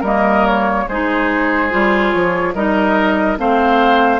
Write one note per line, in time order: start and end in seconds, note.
0.00 0.85 G3
0.00 0.88 A#3
0.00 0.83 A#4
0.00 0.46 D#5
0.46 0.88 C#5
0.88 1.72 G#3
0.88 1.70 D#4
0.88 2.55 G#4
0.88 2.11 C5
1.70 2.14 G3
1.70 2.53 F4
2.11 2.54 F3
2.11 2.53 C#5
2.54 3.38 G3
2.54 3.37 D#4
2.54 3.38 A#4
2.54 3.37 D#5
3.37 4.19 A3
3.37 4.19 C4
3.37 4.19 C5
3.37 4.19 F5